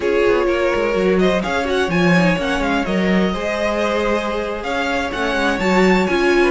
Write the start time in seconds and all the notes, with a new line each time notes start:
0.00 C#4 F4 G#4 C#5
0.27 B3
0.46 A#3 A#4
0.74 G#3
0.92 F#3 F#4
1.18 C5 D#5
1.42 C#4 G#4 C#5 F5
1.64 F#4 F#5
1.88 F3 F4 G#5
2.17 D#4
2.37 A#3 C#4 F#5
2.59 G#3 F5
2.85 F#3 A#4 D#5
3.32 G#3 G#4 C5
4.62 C#4 C#5 F5
5.12 A3 C#4 F#5
5.35 G#3
5.59 F#3 F#4 A5
6.06 C#4 F4 G#5
6.42 B4